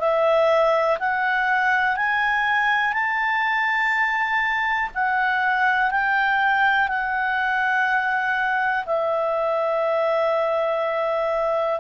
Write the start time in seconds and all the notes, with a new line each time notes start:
0.00 E5
1.00 F#5
1.97 G#5
2.94 A5
4.95 F#5
5.91 G5
6.89 F#5
8.86 E5